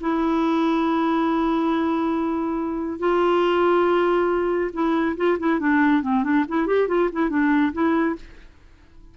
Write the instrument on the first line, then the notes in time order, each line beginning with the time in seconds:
clarinet
0.00 E4
2.99 F4
4.73 E4
5.16 F4
5.39 E4
5.59 D4
6.02 C4
6.23 D4
6.48 E4
6.67 G4
6.88 F4
7.12 E4
7.29 D4
7.72 E4